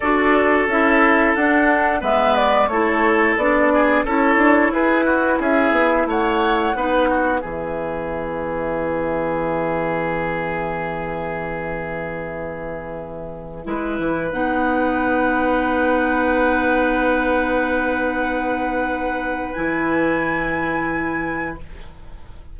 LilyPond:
<<
  \new Staff \with { instrumentName = "flute" } { \time 4/4 \tempo 4 = 89 d''4 e''4 fis''4 e''8 d''8 | cis''4 d''4 cis''4 b'4 | e''4 fis''2 e''4~ | e''1~ |
e''1~ | e''4~ e''16 fis''2~ fis''8.~ | fis''1~ | fis''4 gis''2. | }
  \new Staff \with { instrumentName = "oboe" } { \time 4/4 a'2. b'4 | a'4. gis'8 a'4 gis'8 fis'8 | gis'4 cis''4 b'8 fis'8 gis'4~ | gis'1~ |
gis'1~ | gis'16 b'2.~ b'8.~ | b'1~ | b'1 | }
  \new Staff \with { instrumentName = "clarinet" } { \time 4/4 fis'4 e'4 d'4 b4 | e'4 d'4 e'2~ | e'2 dis'4 b4~ | b1~ |
b1~ | b16 e'4 dis'2~ dis'8.~ | dis'1~ | dis'4 e'2. | }
  \new Staff \with { instrumentName = "bassoon" } { \time 4/4 d'4 cis'4 d'4 gis4 | a4 b4 cis'8 d'8 e'4 | cis'8 b8 a4 b4 e4~ | e1~ |
e1~ | e16 gis8 e8 b2~ b8.~ | b1~ | b4 e2. | }
>>